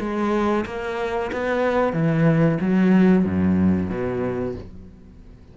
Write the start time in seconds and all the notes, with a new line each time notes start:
0.00 G#3
0.66 A#3
1.32 B3
1.93 E3
2.61 F#3
3.25 F#2
3.90 B2